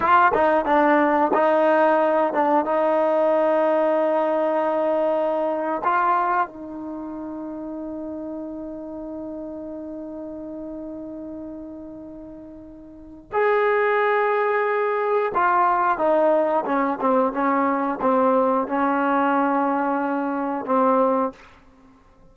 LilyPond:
\new Staff \with { instrumentName = "trombone" } { \time 4/4 \tempo 4 = 90 f'8 dis'8 d'4 dis'4. d'8 | dis'1~ | dis'8. f'4 dis'2~ dis'16~ | dis'1~ |
dis'1 | gis'2. f'4 | dis'4 cis'8 c'8 cis'4 c'4 | cis'2. c'4 | }